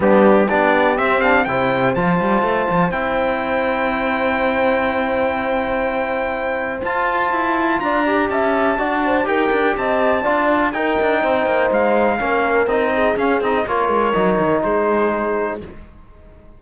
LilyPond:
<<
  \new Staff \with { instrumentName = "trumpet" } { \time 4/4 \tempo 4 = 123 g'4 d''4 e''8 f''8 g''4 | a''2 g''2~ | g''1~ | g''2 a''2 |
ais''4 a''2 g''4 | a''2 g''2 | f''2 dis''4 f''8 dis''8 | cis''2 c''2 | }
  \new Staff \with { instrumentName = "horn" } { \time 4/4 d'4 g'2 c''4~ | c''1~ | c''1~ | c''1 |
d''4 e''4 d''8 c''8 ais'4 | dis''4 d''4 ais'4 c''4~ | c''4 ais'4. gis'4. | ais'2 gis'2 | }
  \new Staff \with { instrumentName = "trombone" } { \time 4/4 b4 d'4 c'8 d'8 e'4 | f'2 e'2~ | e'1~ | e'2 f'2~ |
f'8 g'4. fis'4 g'4~ | g'4 f'4 dis'2~ | dis'4 cis'4 dis'4 cis'8 dis'8 | f'4 dis'2. | }
  \new Staff \with { instrumentName = "cello" } { \time 4/4 g4 b4 c'4 c4 | f8 g8 a8 f8 c'2~ | c'1~ | c'2 f'4 e'4 |
d'4 cis'4 d'4 dis'8 d'8 | c'4 d'4 dis'8 d'8 c'8 ais8 | gis4 ais4 c'4 cis'8 c'8 | ais8 gis8 fis8 dis8 gis2 | }
>>